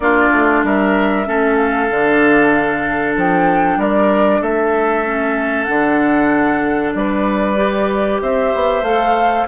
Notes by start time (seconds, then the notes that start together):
0.00 A#3 D4 F4 D5
0.32 A3
0.63 G3 A#4 E5
1.25 A3 C#4 A4
1.56 F5
1.90 D3 D4
3.16 F3 G5
3.77 G3 A#4 D5
4.41 A3 A4 E5
5.05 C#4
5.64 D3 D4 F#5
6.93 G3 B4 D5
7.56 G4
8.21 C4 C5 E5
8.54 B3
8.82 A3 A4 F5